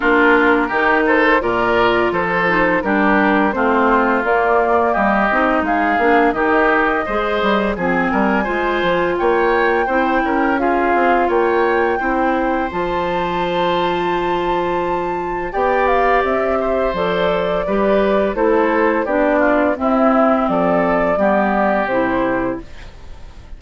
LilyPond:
<<
  \new Staff \with { instrumentName = "flute" } { \time 4/4 \tempo 4 = 85 ais'4. c''8 d''4 c''4 | ais'4 c''4 d''4 dis''4 | f''4 dis''2 gis''4~ | gis''4 g''2 f''4 |
g''2 a''2~ | a''2 g''8 f''8 e''4 | d''2 c''4 d''4 | e''4 d''2 c''4 | }
  \new Staff \with { instrumentName = "oboe" } { \time 4/4 f'4 g'8 a'8 ais'4 a'4 | g'4 f'2 g'4 | gis'4 g'4 c''4 gis'8 ais'8 | c''4 cis''4 c''8 ais'8 gis'4 |
cis''4 c''2.~ | c''2 d''4. c''8~ | c''4 b'4 a'4 g'8 f'8 | e'4 a'4 g'2 | }
  \new Staff \with { instrumentName = "clarinet" } { \time 4/4 d'4 dis'4 f'4. dis'8 | d'4 c'4 ais4. dis'8~ | dis'8 d'8 dis'4 gis'4 c'4 | f'2 e'4 f'4~ |
f'4 e'4 f'2~ | f'2 g'2 | a'4 g'4 e'4 d'4 | c'2 b4 e'4 | }
  \new Staff \with { instrumentName = "bassoon" } { \time 4/4 ais4 dis4 ais,4 f4 | g4 a4 ais4 g8 c'8 | gis8 ais8 dis4 gis8 g8 f8 g8 | gis8 f8 ais4 c'8 cis'4 c'8 |
ais4 c'4 f2~ | f2 b4 c'4 | f4 g4 a4 b4 | c'4 f4 g4 c4 | }
>>